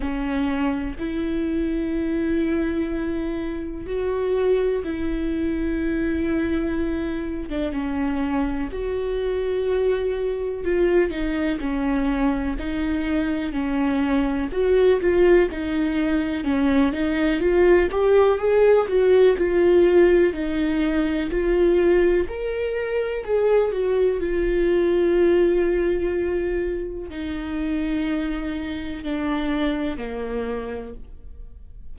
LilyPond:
\new Staff \with { instrumentName = "viola" } { \time 4/4 \tempo 4 = 62 cis'4 e'2. | fis'4 e'2~ e'8. d'16 | cis'4 fis'2 f'8 dis'8 | cis'4 dis'4 cis'4 fis'8 f'8 |
dis'4 cis'8 dis'8 f'8 g'8 gis'8 fis'8 | f'4 dis'4 f'4 ais'4 | gis'8 fis'8 f'2. | dis'2 d'4 ais4 | }